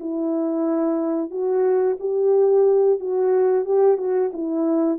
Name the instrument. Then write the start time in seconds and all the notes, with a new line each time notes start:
horn
0.00 E4
1.31 F#4
2.00 G4
3.00 F#4
3.65 G4
3.98 F#4
4.33 E4